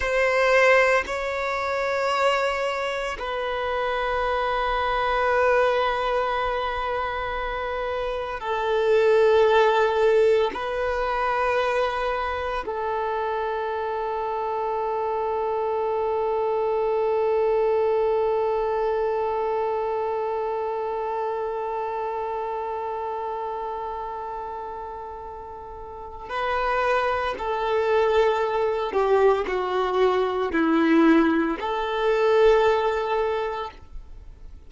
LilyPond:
\new Staff \with { instrumentName = "violin" } { \time 4/4 \tempo 4 = 57 c''4 cis''2 b'4~ | b'1 | a'2 b'2 | a'1~ |
a'1~ | a'1~ | a'4 b'4 a'4. g'8 | fis'4 e'4 a'2 | }